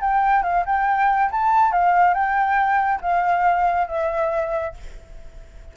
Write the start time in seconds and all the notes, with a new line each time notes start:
0.00 G5
0.43 F5
0.66 G5
1.31 A5
1.72 F5
2.13 G5
3.01 F5
3.87 E5